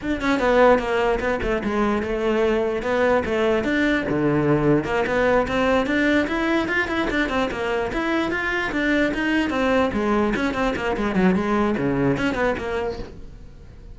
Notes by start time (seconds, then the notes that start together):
0.01 D4
0.21 C#4
0.39 B3
0.78 A#3
1.20 B3
1.42 A3
1.63 G#3
2.02 A3
2.82 B3
3.25 A3
3.64 D4
4.09 D3
4.84 A#3
5.06 B3
5.47 C4
5.86 D4
6.27 E4
6.67 F4
6.87 E4
7.10 D4
7.29 C4
7.51 A#3
7.93 E4
8.31 F4
8.72 D4
9.13 D#4
9.50 C4
9.93 G#3
10.36 C#4
10.54 C4
10.76 A#3
10.96 G#3
11.15 F#3
11.35 G#3
11.77 C#3
12.17 C#4
12.34 B3
12.58 A#3